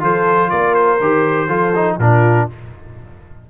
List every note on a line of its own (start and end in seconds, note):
0.00 0.52 F3
0.00 0.98 F4
0.00 0.50 A4
0.00 0.50 C5
0.50 1.00 A#3
0.50 1.47 A#4
0.50 0.74 D5
0.74 1.97 C5
1.00 1.48 D#3
1.00 1.48 G4
1.47 1.98 F3
1.47 1.73 F4
1.47 1.96 A4
1.75 2.00 D#4
1.98 2.47 A#2
1.98 2.50 D4
1.98 2.47 F4
1.98 2.49 A#4